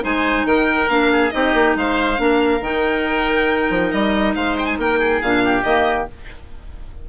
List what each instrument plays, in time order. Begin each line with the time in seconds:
0.00 bassoon G#3, clarinet D#4, oboe C5, violin G#5
0.45 bassoon D#3, oboe A#4, violin G5
0.89 bassoon A#3, clarinet D4, violin F5
1.12 oboe G#4
1.30 bassoon C4, clarinet D#4, oboe G4, violin D#5
1.54 bassoon A#3
1.75 bassoon G#3, oboe C5, violin F5
2.16 bassoon A#3, clarinet D4, oboe A#4
2.60 bassoon D#3, clarinet D#4, violin G5
3.70 bassoon F3
3.91 bassoon G3, violin D#5
4.35 bassoon G#3, oboe C5, violin F5
4.59 violin G5
4.66 violin G#5
4.78 bassoon A#3, oboe A#4, violin G5
4.99 oboe G#4
5.21 bassoon A#2, clarinet D4, violin F5
5.44 oboe G4
5.63 bassoon D#3, clarinet A#3, violin D#5